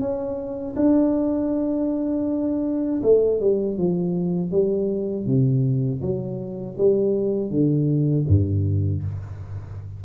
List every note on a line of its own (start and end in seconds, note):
0.00 0.75 C#4
0.76 3.01 D4
3.03 3.40 A3
3.40 3.78 G3
3.78 4.51 F3
4.51 5.26 G3
5.26 6.01 C3
6.01 6.76 F#3
6.77 7.50 G3
7.50 8.25 D3
8.28 9.03 G2